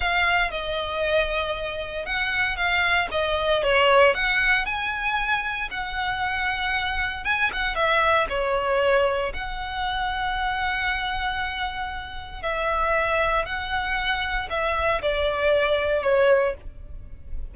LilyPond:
\new Staff \with { instrumentName = "violin" } { \time 4/4 \tempo 4 = 116 f''4 dis''2. | fis''4 f''4 dis''4 cis''4 | fis''4 gis''2 fis''4~ | fis''2 gis''8 fis''8 e''4 |
cis''2 fis''2~ | fis''1 | e''2 fis''2 | e''4 d''2 cis''4 | }